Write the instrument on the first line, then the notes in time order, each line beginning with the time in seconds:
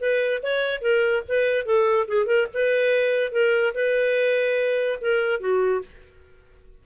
clarinet
0.00 B4
0.42 C#5
0.81 A#4
1.28 B4
1.65 A4
2.08 G#4
2.26 A#4
2.54 B4
3.32 A#4
3.74 B4
5.01 A#4
5.40 F#4